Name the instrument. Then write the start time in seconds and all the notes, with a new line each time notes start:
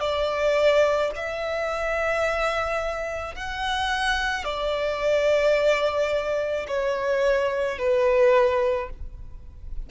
violin
0.00 D5
1.16 E5
3.35 F#5
4.44 D5
6.68 C#5
7.78 B4